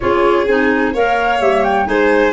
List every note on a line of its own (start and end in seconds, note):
0.00 0.47 C#4
0.00 0.47 F4
0.00 0.93 G#4
0.00 0.45 C#5
0.45 0.94 C4
0.45 0.94 D#4
0.45 0.92 G#5
0.93 1.40 A#3
0.93 1.40 A#4
0.93 1.87 C#5
0.93 1.41 F5
1.40 1.87 G3
1.40 1.85 A#3
1.40 1.64 E5
1.64 1.86 G5
1.85 2.32 G#3
1.85 2.32 D#4
1.85 2.32 C5
1.85 2.32 G#5